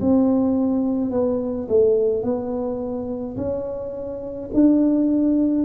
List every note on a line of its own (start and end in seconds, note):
0.00 1.11 C4
1.11 1.67 B3
1.68 2.23 A3
2.23 3.36 B3
3.37 4.50 C#4
4.53 5.65 D4